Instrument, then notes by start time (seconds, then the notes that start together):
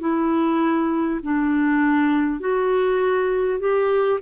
clarinet
0.00 E4
1.23 D4
2.40 F#4
3.59 G4